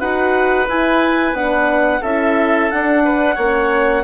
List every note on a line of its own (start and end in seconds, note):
0.00 0.69 D#4
0.00 0.68 F#4
0.00 2.02 B4
0.00 0.68 F#5
0.69 1.33 E4
0.69 1.35 E4
0.69 1.36 G#5
1.33 2.01 B3
1.33 2.03 D4
1.33 2.03 F#5
2.02 2.71 C#4
2.02 2.71 E4
2.02 3.03 A4
2.02 2.71 E5
2.71 3.39 D4
2.71 3.38 D4
2.71 4.04 F#5
3.05 3.35 B4
3.35 4.04 A#3
3.35 4.04 C#4
3.35 4.03 C#5